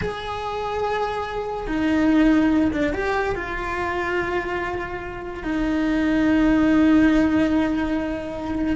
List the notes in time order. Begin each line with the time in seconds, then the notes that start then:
0.01 G#4
1.67 D#4
2.72 D4
2.93 G4
3.35 F4
5.43 D#4